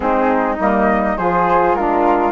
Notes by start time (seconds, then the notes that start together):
0.00 G#3 C4 D#4 G#4
0.58 G3 A#3 D#5
1.17 F3 F4 G#4 C5
1.74 G#3 D4 F4 A#4